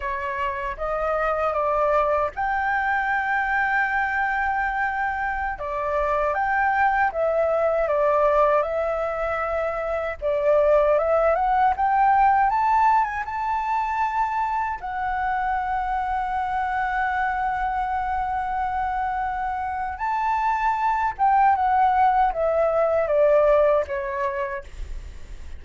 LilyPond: \new Staff \with { instrumentName = "flute" } { \time 4/4 \tempo 4 = 78 cis''4 dis''4 d''4 g''4~ | g''2.~ g''16 d''8.~ | d''16 g''4 e''4 d''4 e''8.~ | e''4~ e''16 d''4 e''8 fis''8 g''8.~ |
g''16 a''8. gis''16 a''2 fis''8.~ | fis''1~ | fis''2 a''4. g''8 | fis''4 e''4 d''4 cis''4 | }